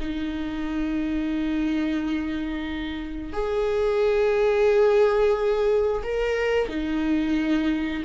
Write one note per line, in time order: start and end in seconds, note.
0.00 3.33 D#4
3.33 6.02 G#4
6.03 6.68 A#4
6.68 8.03 D#4